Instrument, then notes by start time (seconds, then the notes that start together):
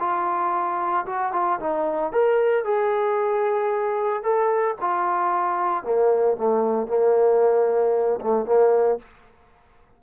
trombone
0.00 F4
1.06 F#4
1.33 F4
1.60 D#4
2.13 A#4
2.65 G#4
4.23 A4
4.81 F4
5.84 A#3
6.37 A3
6.88 A#3
8.21 A3
8.46 A#3